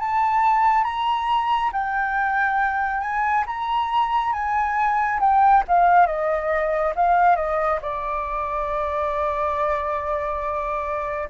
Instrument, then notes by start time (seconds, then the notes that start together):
flute
0.00 A5
0.84 A#5
1.73 G5
3.01 G#5
3.47 A#5
4.33 G#5
5.20 G5
5.68 F5
6.07 D#5
6.96 F5
7.36 D#5
7.82 D5